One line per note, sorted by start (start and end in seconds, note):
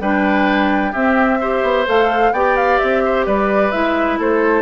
0.00 0.93 G3
0.00 0.94 D4
0.00 0.91 B4
0.00 0.93 G5
0.91 1.41 C4
0.91 1.63 C4
0.91 1.38 G4
0.91 1.86 E5
1.41 1.86 G4
1.41 2.33 C5
1.63 1.86 B3
1.86 2.32 A3
1.86 2.33 A4
1.86 2.33 F5
2.32 2.79 B3
2.32 3.73 G4
2.32 3.03 D5
2.32 2.57 G5
2.57 2.78 F5
2.78 3.26 C4
2.78 3.25 E5
3.05 3.26 C5
3.26 3.73 G3
3.26 4.19 B4
3.26 3.71 D5
3.71 4.19 G#3
3.71 4.62 E4
3.71 4.18 E5
4.19 4.62 A3
4.19 4.62 A4
4.19 4.62 C5